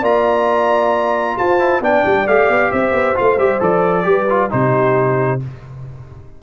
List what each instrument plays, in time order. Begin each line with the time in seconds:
0.00 tuba A#3, trombone F4, horn D5, trumpet A#5
1.37 tuba F4, horn C5, trumpet A5
1.58 trombone E4
1.80 tuba B3, trombone D4, horn D5, trumpet G5
2.05 tuba G3
2.27 tuba A3, trombone G4, trumpet F5
2.48 tuba B3
2.72 tuba C4, horn C5, trumpet E5
2.92 tuba B3
3.15 tuba A3, trombone F4, trumpet F5
3.37 tuba G3, trombone G4, trumpet E5
3.60 tuba F3, trombone A4, trumpet D5
4.03 tuba G3, trombone G4, horn B4
4.29 trombone F4
4.50 tuba C3, trombone D#4, horn G4, trumpet C5